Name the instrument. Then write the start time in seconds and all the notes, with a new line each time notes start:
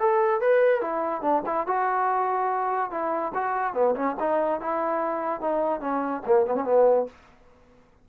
trombone
0.00 A4
0.41 B4
0.82 E4
1.22 D4
1.46 E4
1.67 F#4
2.91 E4
3.35 F#4
3.74 B3
3.96 C#4
4.20 D#4
4.61 E4
5.41 D#4
5.81 C#4
6.27 A#3
6.46 B3
6.55 C#4
6.65 B3